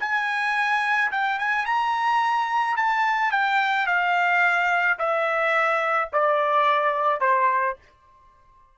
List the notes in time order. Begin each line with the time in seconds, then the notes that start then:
0.00 G#5
1.11 G5
1.39 G#5
1.66 A#5
2.77 A5
3.32 G5
3.87 F5
4.98 E5
6.13 D5
7.20 C5